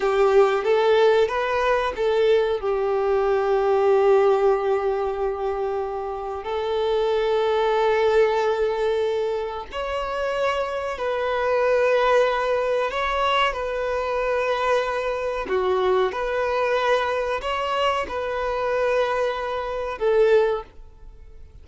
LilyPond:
\new Staff \with { instrumentName = "violin" } { \time 4/4 \tempo 4 = 93 g'4 a'4 b'4 a'4 | g'1~ | g'2 a'2~ | a'2. cis''4~ |
cis''4 b'2. | cis''4 b'2. | fis'4 b'2 cis''4 | b'2. a'4 | }